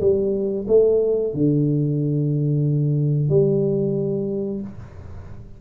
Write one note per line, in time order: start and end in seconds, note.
0.00 0.66 G3
0.68 1.34 A3
1.34 3.29 D3
3.29 4.61 G3